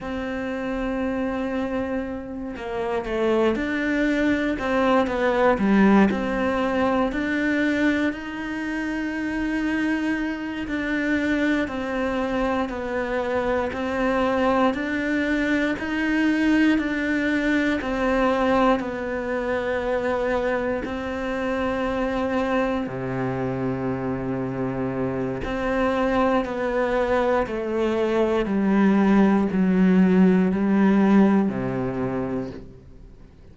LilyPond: \new Staff \with { instrumentName = "cello" } { \time 4/4 \tempo 4 = 59 c'2~ c'8 ais8 a8 d'8~ | d'8 c'8 b8 g8 c'4 d'4 | dis'2~ dis'8 d'4 c'8~ | c'8 b4 c'4 d'4 dis'8~ |
dis'8 d'4 c'4 b4.~ | b8 c'2 c4.~ | c4 c'4 b4 a4 | g4 fis4 g4 c4 | }